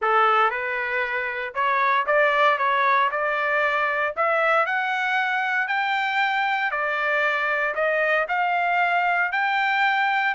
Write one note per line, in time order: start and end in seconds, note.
0.01 0.50 A4
0.50 1.53 B4
1.54 2.06 C#5
2.06 2.57 D5
2.58 3.09 C#5
3.11 4.14 D5
4.16 4.66 E5
4.66 5.67 F#5
5.67 6.71 G5
6.71 7.74 D5
7.74 8.26 D#5
8.28 9.32 F5
9.32 10.34 G5